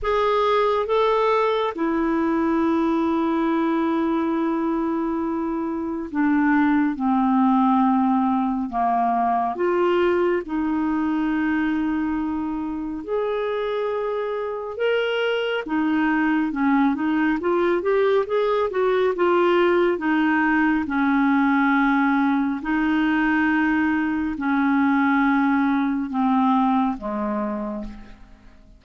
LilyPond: \new Staff \with { instrumentName = "clarinet" } { \time 4/4 \tempo 4 = 69 gis'4 a'4 e'2~ | e'2. d'4 | c'2 ais4 f'4 | dis'2. gis'4~ |
gis'4 ais'4 dis'4 cis'8 dis'8 | f'8 g'8 gis'8 fis'8 f'4 dis'4 | cis'2 dis'2 | cis'2 c'4 gis4 | }